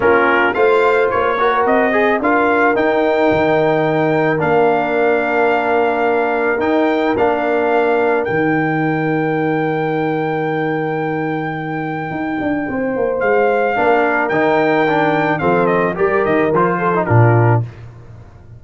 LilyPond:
<<
  \new Staff \with { instrumentName = "trumpet" } { \time 4/4 \tempo 4 = 109 ais'4 f''4 cis''4 dis''4 | f''4 g''2. | f''1 | g''4 f''2 g''4~ |
g''1~ | g''1 | f''2 g''2 | f''8 dis''8 d''8 dis''8 c''4 ais'4 | }
  \new Staff \with { instrumentName = "horn" } { \time 4/4 f'4 c''4. ais'4 gis'8 | ais'1~ | ais'1~ | ais'1~ |
ais'1~ | ais'2. c''4~ | c''4 ais'2. | a'4 ais'4. a'8 f'4 | }
  \new Staff \with { instrumentName = "trombone" } { \time 4/4 cis'4 f'4. fis'4 gis'8 | f'4 dis'2. | d'1 | dis'4 d'2 dis'4~ |
dis'1~ | dis'1~ | dis'4 d'4 dis'4 d'4 | c'4 g'4 f'8. dis'16 d'4 | }
  \new Staff \with { instrumentName = "tuba" } { \time 4/4 ais4 a4 ais4 c'4 | d'4 dis'4 dis2 | ais1 | dis'4 ais2 dis4~ |
dis1~ | dis2 dis'8 d'8 c'8 ais8 | gis4 ais4 dis2 | f4 g8 dis8 f4 ais,4 | }
>>